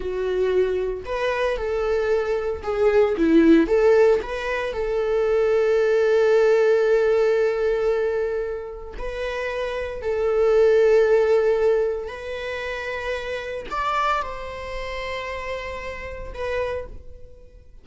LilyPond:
\new Staff \with { instrumentName = "viola" } { \time 4/4 \tempo 4 = 114 fis'2 b'4 a'4~ | a'4 gis'4 e'4 a'4 | b'4 a'2.~ | a'1~ |
a'4 b'2 a'4~ | a'2. b'4~ | b'2 d''4 c''4~ | c''2. b'4 | }